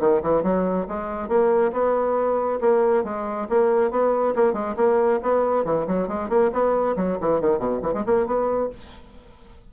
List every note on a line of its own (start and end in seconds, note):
0.00 0.22 D#3
0.22 0.43 E3
0.43 0.86 F#3
0.88 1.28 G#3
1.28 1.72 A#3
1.72 2.59 B3
2.61 3.04 A#3
3.04 3.47 G#3
3.49 3.91 A#3
3.91 4.34 B3
4.36 4.53 A#3
4.53 4.75 G#3
4.76 5.20 A#3
5.22 5.65 B3
5.65 5.87 E3
5.87 6.08 F#3
6.08 6.29 G#3
6.29 6.51 A#3
6.53 6.96 B3
6.96 7.18 F#3
7.21 7.41 E3
7.41 7.59 D#3
7.59 7.80 B2
7.82 7.93 E3
7.93 8.04 G#3
8.06 8.26 A#3
8.26 8.70 B3